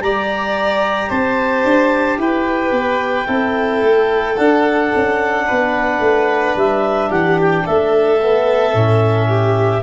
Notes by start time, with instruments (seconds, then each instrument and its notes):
0.00 tuba G3, trombone G4, violin D5, clarinet A#5
1.08 tuba C4, violin C5, clarinet A5
1.63 tuba D4
2.17 tuba E4, violin B4, clarinet G5
2.71 tuba B3
3.26 tuba C4, trombone E4, violin A4
3.82 tuba A3
4.37 trombone D4, tuba D4, clarinet F#5
4.95 tuba C#4
5.46 tuba B3, violin B4
5.99 tuba A3
6.55 tuba G3, clarinet E5
7.08 tuba E3, violin G4, clarinet F#5
7.40 clarinet G5
7.65 tuba A3, violin A4, clarinet E5
8.21 trombone B3
8.73 tuba A2, trombone C#4
9.28 violin G4